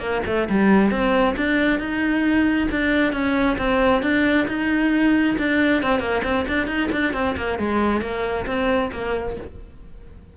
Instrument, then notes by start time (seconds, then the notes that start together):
cello
0.00 A#3
0.27 A3
0.50 G3
0.92 C4
1.37 D4
1.80 D#4
2.71 D4
3.13 C#4
3.58 C4
4.03 D4
4.48 D#4
5.39 D4
5.83 C4
6.00 A#3
6.24 C4
6.48 D4
6.67 D#4
6.92 D4
7.14 C4
7.37 A#3
7.59 G#3
8.02 A#3
8.47 C4
8.92 A#3